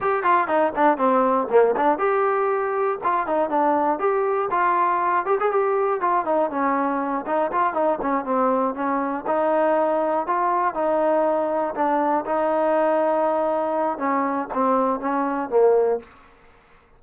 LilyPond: \new Staff \with { instrumentName = "trombone" } { \time 4/4 \tempo 4 = 120 g'8 f'8 dis'8 d'8 c'4 ais8 d'8 | g'2 f'8 dis'8 d'4 | g'4 f'4. g'16 gis'16 g'4 | f'8 dis'8 cis'4. dis'8 f'8 dis'8 |
cis'8 c'4 cis'4 dis'4.~ | dis'8 f'4 dis'2 d'8~ | d'8 dis'2.~ dis'8 | cis'4 c'4 cis'4 ais4 | }